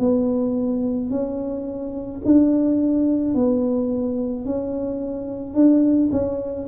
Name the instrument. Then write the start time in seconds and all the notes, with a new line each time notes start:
tuba
0.00 B3
1.11 C#4
2.25 D4
3.35 B3
4.45 C#4
5.55 D4
6.12 C#4